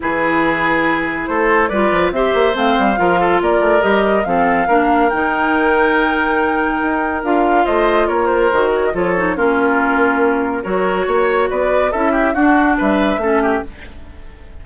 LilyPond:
<<
  \new Staff \with { instrumentName = "flute" } { \time 4/4 \tempo 4 = 141 b'2. c''4 | d''4 e''4 f''2 | d''4 dis''4 f''2 | g''1~ |
g''4 f''4 dis''4 cis''8 c''8~ | c''8 cis''16 dis''16 cis''4 ais'2~ | ais'4 cis''2 d''4 | e''4 fis''4 e''2 | }
  \new Staff \with { instrumentName = "oboe" } { \time 4/4 gis'2. a'4 | b'4 c''2 ais'8 a'8 | ais'2 a'4 ais'4~ | ais'1~ |
ais'2 c''4 ais'4~ | ais'4 a'4 f'2~ | f'4 ais'4 cis''4 b'4 | a'8 g'8 fis'4 b'4 a'8 g'8 | }
  \new Staff \with { instrumentName = "clarinet" } { \time 4/4 e'1 | f'4 g'4 c'4 f'4~ | f'4 g'4 c'4 d'4 | dis'1~ |
dis'4 f'2. | fis'4 f'8 dis'8 cis'2~ | cis'4 fis'2. | e'4 d'2 cis'4 | }
  \new Staff \with { instrumentName = "bassoon" } { \time 4/4 e2. a4 | g8 f8 c'8 ais8 a8 g8 f4 | ais8 a8 g4 f4 ais4 | dis1 |
dis'4 d'4 a4 ais4 | dis4 f4 ais2~ | ais4 fis4 ais4 b4 | cis'4 d'4 g4 a4 | }
>>